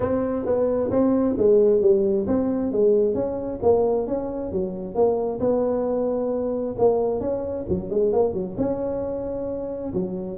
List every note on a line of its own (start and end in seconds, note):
0.00 0.45 C4
0.45 0.90 B3
0.90 1.35 C4
1.37 1.81 G#3
1.81 2.26 G3
2.27 2.71 C4
2.71 3.14 G#3
3.14 3.59 C#4
3.62 4.07 A#3
4.07 4.52 C#4
4.52 4.94 F#3
4.94 5.39 A#3
5.40 6.75 B3
6.78 7.20 A#3
7.20 7.65 C#4
7.68 7.90 F#3
7.90 8.12 G#3
8.12 8.33 A#3
8.33 8.56 F#3
8.57 9.93 C#4
9.93 10.37 F#3